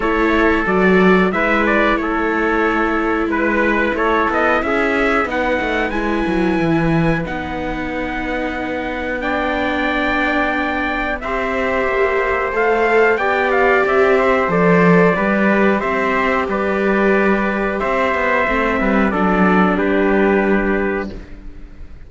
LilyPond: <<
  \new Staff \with { instrumentName = "trumpet" } { \time 4/4 \tempo 4 = 91 cis''4 d''4 e''8 d''8 cis''4~ | cis''4 b'4 cis''8 dis''8 e''4 | fis''4 gis''2 fis''4~ | fis''2 g''2~ |
g''4 e''2 f''4 | g''8 f''8 e''4 d''2 | e''4 d''2 e''4~ | e''4 d''4 b'2 | }
  \new Staff \with { instrumentName = "trumpet" } { \time 4/4 a'2 b'4 a'4~ | a'4 b'4 a'4 gis'4 | b'1~ | b'2 d''2~ |
d''4 c''2. | d''4. c''4. b'4 | c''4 b'2 c''4~ | c''8 b'8 a'4 g'2 | }
  \new Staff \with { instrumentName = "viola" } { \time 4/4 e'4 fis'4 e'2~ | e'1 | dis'4 e'2 dis'4~ | dis'2 d'2~ |
d'4 g'2 a'4 | g'2 a'4 g'4~ | g'1 | c'4 d'2. | }
  \new Staff \with { instrumentName = "cello" } { \time 4/4 a4 fis4 gis4 a4~ | a4 gis4 a8 b8 cis'4 | b8 a8 gis8 fis8 e4 b4~ | b1~ |
b4 c'4 ais4 a4 | b4 c'4 f4 g4 | c'4 g2 c'8 b8 | a8 g8 fis4 g2 | }
>>